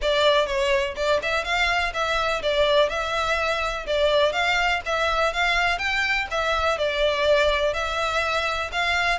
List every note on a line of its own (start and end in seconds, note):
0.01 0.46 D5
0.46 0.95 C#5
0.96 1.20 D5
1.22 1.44 E5
1.44 1.92 F5
1.93 2.42 E5
2.42 2.89 D5
2.89 3.86 E5
3.86 4.32 D5
4.32 4.80 F5
4.85 5.33 E5
5.33 5.78 F5
5.78 6.26 G5
6.30 6.77 E5
6.77 7.73 D5
7.73 8.70 E5
8.72 9.18 F5